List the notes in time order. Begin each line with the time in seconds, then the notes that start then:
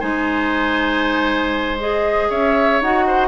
0.00 G#3 D#4 C5 G#5
1.79 G#4 D#5
2.29 C#4 C#5 E5
2.81 D#4 F#4 F#5
3.07 C5